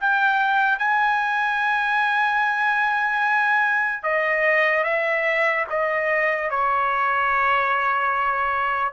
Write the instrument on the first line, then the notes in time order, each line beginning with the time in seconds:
trumpet
0.00 G5
0.79 G#5
4.03 D#5
4.84 E5
5.70 D#5
6.50 C#5